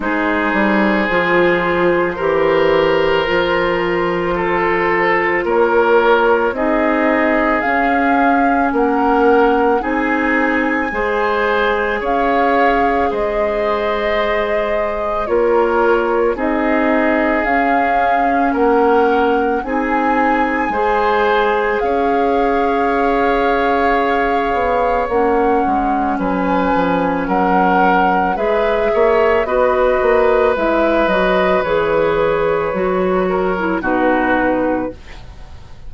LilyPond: <<
  \new Staff \with { instrumentName = "flute" } { \time 4/4 \tempo 4 = 55 c''1~ | c''4 cis''4 dis''4 f''4 | fis''4 gis''2 f''4 | dis''2 cis''4 dis''4 |
f''4 fis''4 gis''2 | f''2. fis''4 | gis''4 fis''4 e''4 dis''4 | e''8 dis''8 cis''2 b'4 | }
  \new Staff \with { instrumentName = "oboe" } { \time 4/4 gis'2 ais'2 | a'4 ais'4 gis'2 | ais'4 gis'4 c''4 cis''4 | c''2 ais'4 gis'4~ |
gis'4 ais'4 gis'4 c''4 | cis''1 | b'4 ais'4 b'8 cis''8 b'4~ | b'2~ b'8 ais'8 fis'4 | }
  \new Staff \with { instrumentName = "clarinet" } { \time 4/4 dis'4 f'4 g'4 f'4~ | f'2 dis'4 cis'4~ | cis'4 dis'4 gis'2~ | gis'2 f'4 dis'4 |
cis'2 dis'4 gis'4~ | gis'2. cis'4~ | cis'2 gis'4 fis'4 | e'8 fis'8 gis'4 fis'8. e'16 dis'4 | }
  \new Staff \with { instrumentName = "bassoon" } { \time 4/4 gis8 g8 f4 e4 f4~ | f4 ais4 c'4 cis'4 | ais4 c'4 gis4 cis'4 | gis2 ais4 c'4 |
cis'4 ais4 c'4 gis4 | cis'2~ cis'8 b8 ais8 gis8 | fis8 f8 fis4 gis8 ais8 b8 ais8 | gis8 fis8 e4 fis4 b,4 | }
>>